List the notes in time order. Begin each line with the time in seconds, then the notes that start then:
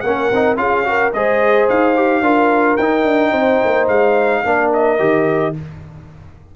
0.00 A#3 C#4 A#4 F#5
0.31 C4 D#4
0.56 C#4 F4 G#4 F5
0.84 F#4 A#4
1.13 G#3 G#4 C5 D#5
1.69 D#4 F5
1.95 G4
2.21 D4 F4 A#4
2.76 D#4 G5
3.04 D4
3.31 C4 C5
3.64 A#3
3.87 G#3 F5
4.43 A#3 D4 A#4
4.73 D#5
4.98 D#3 G4